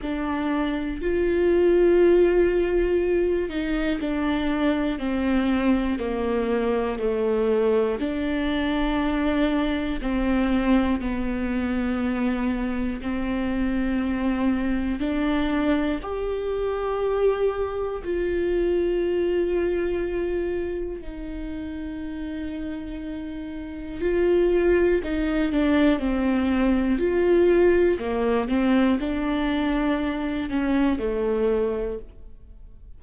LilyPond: \new Staff \with { instrumentName = "viola" } { \time 4/4 \tempo 4 = 60 d'4 f'2~ f'8 dis'8 | d'4 c'4 ais4 a4 | d'2 c'4 b4~ | b4 c'2 d'4 |
g'2 f'2~ | f'4 dis'2. | f'4 dis'8 d'8 c'4 f'4 | ais8 c'8 d'4. cis'8 a4 | }